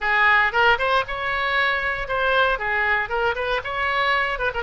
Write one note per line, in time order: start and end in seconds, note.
0.00 0.52 G#4
0.52 0.78 A#4
0.78 1.04 C5
1.07 2.08 C#5
2.08 2.58 C5
2.58 3.09 G#4
3.09 3.35 A#4
3.35 3.61 B4
3.64 4.38 C#5
4.38 4.51 B4
4.54 4.63 A#4